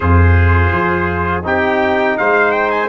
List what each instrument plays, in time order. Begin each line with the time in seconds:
0.00 tuba F2, trombone F4, trumpet G#4 C5
0.71 tuba F3
1.43 tuba C4, trombone D#4, trumpet G4 G5
2.17 tuba G#3, trumpet C5 F5
2.51 trumpet G5
2.70 trumpet G#5